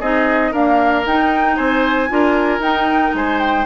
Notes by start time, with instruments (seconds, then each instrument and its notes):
0.00 bassoon C4, clarinet D#4, oboe G#4, flute D#5
0.52 clarinet A#3, bassoon D4, oboe A#4, flute F5
1.06 bassoon D#4, clarinet D#4, flute G5
1.57 bassoon C4, oboe C5, flute G#5
2.09 bassoon D4, clarinet F4, oboe A#4
2.59 bassoon D#4, clarinet D#4, flute G5
3.14 bassoon G#3, oboe C5, flute G#5
3.41 flute G5